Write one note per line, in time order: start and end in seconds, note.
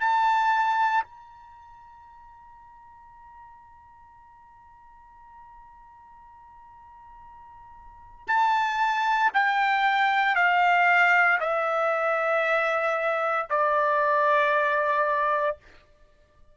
0.00 1.03 A5
1.04 8.27 A#5
8.27 9.31 A5
9.34 10.35 G5
10.35 11.38 F5
11.40 13.47 E5
13.50 15.56 D5